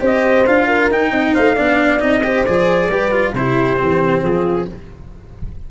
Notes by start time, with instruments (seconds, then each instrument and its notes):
0.00 tuba C4, cello G4, horn C5, trumpet D#5
0.47 tuba D4, cello F4, trumpet F5
0.67 horn A#4
0.91 tuba D#4, cello D#4, trumpet G5
1.11 tuba C4, horn D#5
1.34 tuba A3, horn C5, trumpet F5
1.55 tuba B3, cello D4, horn D5
2.00 tuba C4, cello D#4, trumpet D#5
2.24 cello G4, horn C5
2.45 tuba F3, cello G#4, trumpet D5
2.89 tuba G3, cello G4, horn B4
3.11 cello F4
3.33 tuba C3, cello E4, horn G4, trumpet C5
3.77 tuba E3, cello C4
4.23 tuba F3, horn F4, trumpet G#4